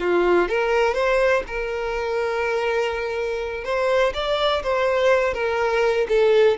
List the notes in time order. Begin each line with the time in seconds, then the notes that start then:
0.00 F4
0.49 A#4
0.94 C5
1.47 A#4
3.64 C5
4.14 D5
4.63 C5
5.34 A#4
6.09 A4